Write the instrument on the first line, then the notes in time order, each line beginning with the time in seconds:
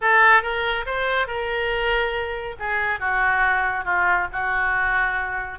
oboe
0.01 A4
0.42 A#4
0.86 C5
1.27 A#4
2.59 G#4
2.99 F#4
3.84 F4
4.32 F#4